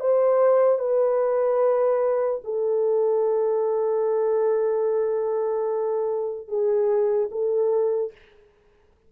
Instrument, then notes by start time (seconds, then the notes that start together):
horn
0.00 C5
0.79 B4
2.44 A4
6.48 G#4
7.31 A4